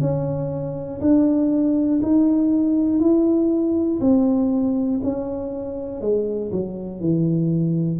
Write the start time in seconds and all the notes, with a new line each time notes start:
0.00 C#4
1.00 D4
2.02 D#4
3.00 E4
4.00 C4
5.03 C#4
6.01 G#3
6.52 F#3
7.00 E3